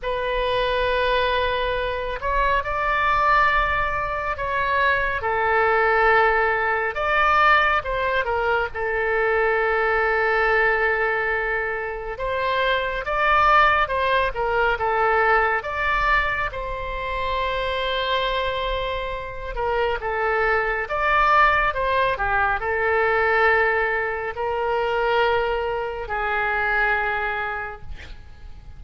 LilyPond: \new Staff \with { instrumentName = "oboe" } { \time 4/4 \tempo 4 = 69 b'2~ b'8 cis''8 d''4~ | d''4 cis''4 a'2 | d''4 c''8 ais'8 a'2~ | a'2 c''4 d''4 |
c''8 ais'8 a'4 d''4 c''4~ | c''2~ c''8 ais'8 a'4 | d''4 c''8 g'8 a'2 | ais'2 gis'2 | }